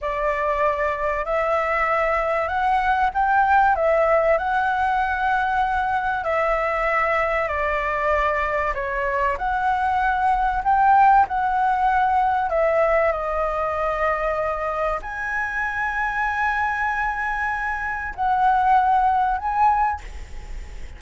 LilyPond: \new Staff \with { instrumentName = "flute" } { \time 4/4 \tempo 4 = 96 d''2 e''2 | fis''4 g''4 e''4 fis''4~ | fis''2 e''2 | d''2 cis''4 fis''4~ |
fis''4 g''4 fis''2 | e''4 dis''2. | gis''1~ | gis''4 fis''2 gis''4 | }